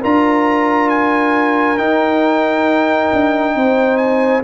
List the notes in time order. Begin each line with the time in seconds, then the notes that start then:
0.00 D4 F4 A#4 A#5
0.89 G#5
1.77 D#4 G5
3.12 D4
3.55 C4 C5
3.97 G#5